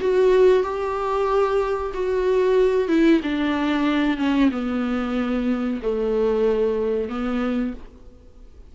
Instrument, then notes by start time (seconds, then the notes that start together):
viola
0.00 F#4
0.63 G4
1.93 F#4
2.88 E4
3.23 D4
4.17 C#4
4.51 B3
5.82 A3
7.09 B3